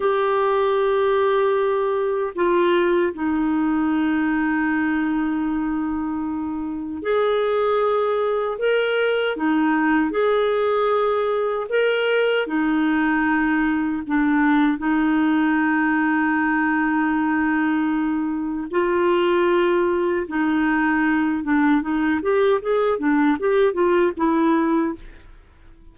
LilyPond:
\new Staff \with { instrumentName = "clarinet" } { \time 4/4 \tempo 4 = 77 g'2. f'4 | dis'1~ | dis'4 gis'2 ais'4 | dis'4 gis'2 ais'4 |
dis'2 d'4 dis'4~ | dis'1 | f'2 dis'4. d'8 | dis'8 g'8 gis'8 d'8 g'8 f'8 e'4 | }